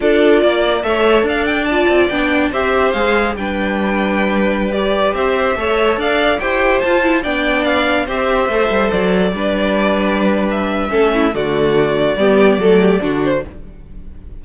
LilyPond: <<
  \new Staff \with { instrumentName = "violin" } { \time 4/4 \tempo 4 = 143 d''2 e''4 f''8 g''8 | a''4 g''4 e''4 f''4 | g''2.~ g''16 d''8.~ | d''16 e''2 f''4 g''8.~ |
g''16 a''4 g''4 f''4 e''8.~ | e''4~ e''16 d''2~ d''8.~ | d''4 e''2 d''4~ | d''2.~ d''8 c''8 | }
  \new Staff \with { instrumentName = "violin" } { \time 4/4 a'4 d''4 cis''4 d''4~ | d''2 c''2 | b'1~ | b'16 c''4 cis''4 d''4 c''8.~ |
c''4~ c''16 d''2 c''8.~ | c''2~ c''16 b'4.~ b'16~ | b'2 a'8 e'8 fis'4~ | fis'4 g'4 a'8 g'8 fis'4 | }
  \new Staff \with { instrumentName = "viola" } { \time 4/4 f'2 a'2 | f'4 d'4 g'4 gis'4 | d'2.~ d'16 g'8.~ | g'4~ g'16 a'2 g'8.~ |
g'16 f'8 e'8 d'2 g'8.~ | g'16 a'2 d'4.~ d'16~ | d'2 cis'4 a4~ | a4 b4 a4 d'4 | }
  \new Staff \with { instrumentName = "cello" } { \time 4/4 d'4 ais4 a4 d'4~ | d'8 c'8 b4 c'4 gis4 | g1~ | g16 c'4 a4 d'4 e'8.~ |
e'16 f'4 b2 c'8.~ | c'16 a8 g8 fis4 g4.~ g16~ | g2 a4 d4~ | d4 g4 fis4 d4 | }
>>